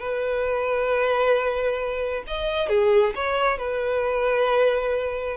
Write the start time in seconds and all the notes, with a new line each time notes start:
0.00 B4
2.27 D#5
2.69 G#4
3.16 C#5
3.58 B4